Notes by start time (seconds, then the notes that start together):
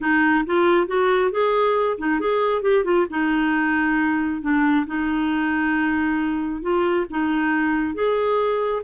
0.00 D#4
0.46 F4
0.87 F#4
1.31 G#4
1.98 D#4
2.19 G#4
2.62 G4
2.84 F4
3.10 D#4
4.41 D4
4.86 D#4
6.62 F4
7.09 D#4
7.94 G#4